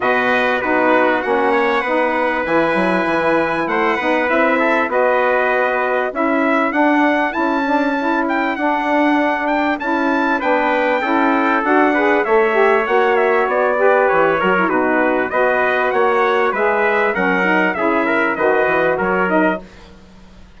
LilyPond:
<<
  \new Staff \with { instrumentName = "trumpet" } { \time 4/4 \tempo 4 = 98 dis''4 b'4 fis''2 | gis''2 fis''4 e''4 | dis''2 e''4 fis''4 | a''4. g''8 fis''4. g''8 |
a''4 g''2 fis''4 | e''4 fis''8 e''8 d''4 cis''4 | b'4 dis''4 fis''4 e''4 | fis''4 e''4 dis''4 cis''8 dis''8 | }
  \new Staff \with { instrumentName = "trumpet" } { \time 4/4 b'4 fis'4. cis''8 b'4~ | b'2 c''8 b'4 a'8 | b'2 a'2~ | a'1~ |
a'4 b'4 a'4. b'8 | cis''2~ cis''8 b'4 ais'8 | fis'4 b'4 cis''4 b'4 | ais'4 gis'8 ais'8 b'4 ais'4 | }
  \new Staff \with { instrumentName = "saxophone" } { \time 4/4 fis'4 dis'4 cis'4 dis'4 | e'2~ e'8 dis'8 e'4 | fis'2 e'4 d'4 | e'8 d'8 e'4 d'2 |
e'4 d'4 e'4 fis'8 gis'8 | a'8 g'8 fis'4. g'4 fis'16 e'16 | dis'4 fis'2 gis'4 | cis'8 dis'8 e'4 fis'4. dis'8 | }
  \new Staff \with { instrumentName = "bassoon" } { \time 4/4 b,4 b4 ais4 b4 | e8 fis8 e4 a8 b8 c'4 | b2 cis'4 d'4 | cis'2 d'2 |
cis'4 b4 cis'4 d'4 | a4 ais4 b4 e8 fis8 | b,4 b4 ais4 gis4 | fis4 cis4 dis8 e8 fis4 | }
>>